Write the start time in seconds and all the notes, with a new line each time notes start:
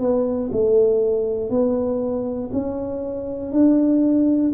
0.00 B3
0.52 A3
1.50 B3
2.53 C#4
3.52 D4